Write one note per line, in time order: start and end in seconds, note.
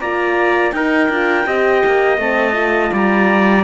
0.00 0.72 A#3
0.00 0.75 F4
0.00 0.74 D5
0.00 0.72 A#5
0.72 1.09 D#4
0.72 1.11 D#4
0.72 1.46 A#4
0.72 2.18 G5
1.09 1.45 D4
1.09 1.46 F4
1.46 1.83 C4
1.46 2.19 G4
1.46 2.93 D#5
1.86 2.18 A#3
2.18 2.91 A3
2.18 2.53 C4
2.18 2.94 A5
2.53 3.62 F4
2.93 3.64 G3
2.93 3.64 D5
2.93 3.64 A#5